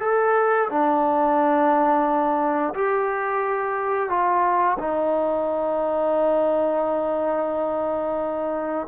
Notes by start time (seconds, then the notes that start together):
0.00 A4
0.69 D4
2.74 G4
4.09 F4
4.78 D#4